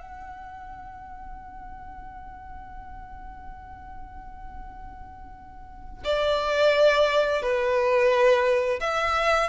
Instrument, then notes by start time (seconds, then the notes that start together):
violin
0.00 F#5
6.04 D5
7.42 B4
8.81 E5